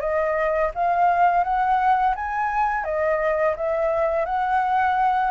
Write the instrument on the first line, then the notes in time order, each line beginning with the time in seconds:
flute
0.00 D#5
0.74 F5
1.44 F#5
2.15 G#5
2.84 D#5
3.56 E5
4.25 F#5